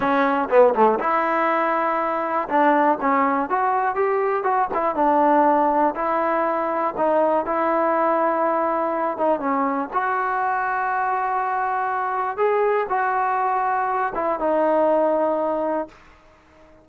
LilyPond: \new Staff \with { instrumentName = "trombone" } { \time 4/4 \tempo 4 = 121 cis'4 b8 a8 e'2~ | e'4 d'4 cis'4 fis'4 | g'4 fis'8 e'8 d'2 | e'2 dis'4 e'4~ |
e'2~ e'8 dis'8 cis'4 | fis'1~ | fis'4 gis'4 fis'2~ | fis'8 e'8 dis'2. | }